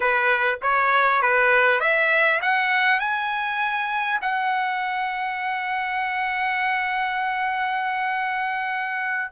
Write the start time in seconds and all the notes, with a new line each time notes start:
0.00 B4
0.61 C#5
1.22 B4
1.80 E5
2.41 F#5
2.99 G#5
4.21 F#5